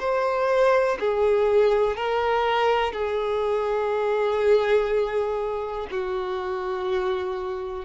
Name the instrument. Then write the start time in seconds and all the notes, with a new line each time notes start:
violin
0.00 C5
1.00 G#4
1.97 A#4
2.93 G#4
5.91 F#4